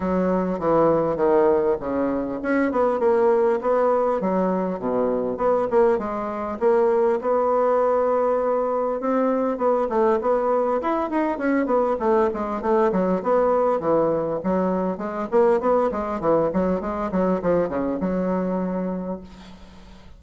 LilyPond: \new Staff \with { instrumentName = "bassoon" } { \time 4/4 \tempo 4 = 100 fis4 e4 dis4 cis4 | cis'8 b8 ais4 b4 fis4 | b,4 b8 ais8 gis4 ais4 | b2. c'4 |
b8 a8 b4 e'8 dis'8 cis'8 b8 | a8 gis8 a8 fis8 b4 e4 | fis4 gis8 ais8 b8 gis8 e8 fis8 | gis8 fis8 f8 cis8 fis2 | }